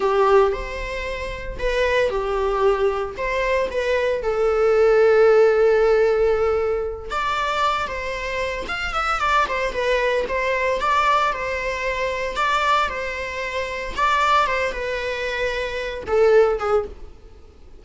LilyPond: \new Staff \with { instrumentName = "viola" } { \time 4/4 \tempo 4 = 114 g'4 c''2 b'4 | g'2 c''4 b'4 | a'1~ | a'4. d''4. c''4~ |
c''8 f''8 e''8 d''8 c''8 b'4 c''8~ | c''8 d''4 c''2 d''8~ | d''8 c''2 d''4 c''8 | b'2~ b'8 a'4 gis'8 | }